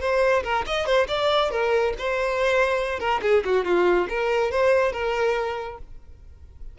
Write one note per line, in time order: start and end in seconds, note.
0.00 0.43 C5
0.43 0.65 A#4
0.66 0.86 D#5
0.86 1.07 C5
1.08 1.50 D5
1.50 1.93 A#4
1.98 2.99 C5
2.99 3.21 A#4
3.22 3.43 G#4
3.45 3.65 F#4
3.65 4.08 F4
4.09 4.51 A#4
4.51 4.92 C5
4.92 5.78 A#4